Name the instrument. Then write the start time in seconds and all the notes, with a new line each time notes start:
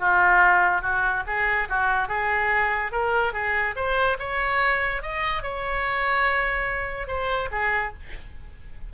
oboe
0.00 F4
0.82 F#4
1.27 G#4
1.69 F#4
2.09 G#4
2.92 A#4
3.34 G#4
3.76 C5
4.20 C#5
5.03 D#5
5.43 C#5
7.08 C5
7.52 G#4